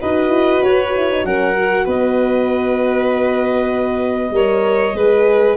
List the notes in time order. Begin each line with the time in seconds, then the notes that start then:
0.00 D#4 F#4 B4 D#5
0.29 E4
0.62 F#4 C#5
0.95 E4
1.11 D#4
1.24 F#3 C#4 A#4 F#5
1.54 F#4
1.84 B3 B4 D#5
4.30 G3 A#4 C#5
4.93 G#3 G#4 B4